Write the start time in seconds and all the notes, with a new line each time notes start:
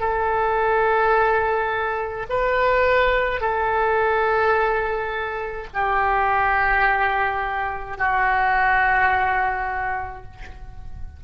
0.00 A4
2.30 B4
3.40 A4
5.73 G4
7.98 F#4